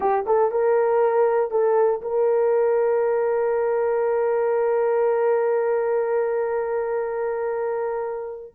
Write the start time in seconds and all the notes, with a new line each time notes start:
0.00 G4
0.25 A4
0.51 A#4
1.50 A4
2.01 A#4